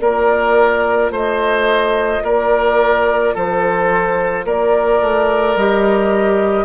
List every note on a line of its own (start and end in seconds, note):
0.00 1.11 A#3
0.00 5.56 F4
0.00 1.12 A#4
0.00 1.12 D5
1.11 2.22 A3
1.11 2.23 C5
1.11 2.25 D#5
2.23 3.34 A#3
2.23 3.35 A#4
2.23 3.36 D5
3.35 4.45 F3
3.35 4.46 A4
3.35 4.47 C5
4.45 5.00 A#3
4.45 6.65 A#4
4.45 5.57 D5
5.01 5.56 A3
5.56 6.65 G3
5.56 6.65 G4
5.56 6.65 D#5